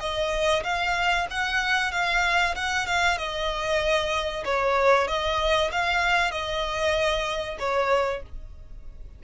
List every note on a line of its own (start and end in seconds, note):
0.00 0.63 D#5
0.64 1.27 F5
1.30 1.92 F#5
1.92 2.55 F5
2.55 2.86 F#5
2.86 3.18 F5
3.18 4.44 D#5
4.45 5.08 C#5
5.08 5.71 D#5
5.71 6.31 F5
6.31 7.57 D#5
7.59 8.22 C#5